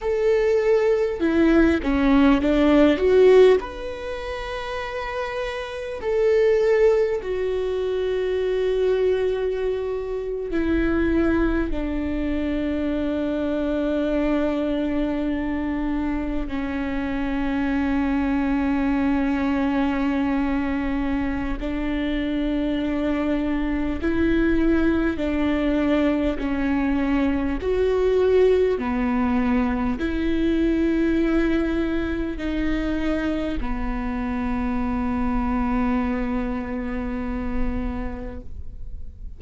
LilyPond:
\new Staff \with { instrumentName = "viola" } { \time 4/4 \tempo 4 = 50 a'4 e'8 cis'8 d'8 fis'8 b'4~ | b'4 a'4 fis'2~ | fis'8. e'4 d'2~ d'16~ | d'4.~ d'16 cis'2~ cis'16~ |
cis'2 d'2 | e'4 d'4 cis'4 fis'4 | b4 e'2 dis'4 | b1 | }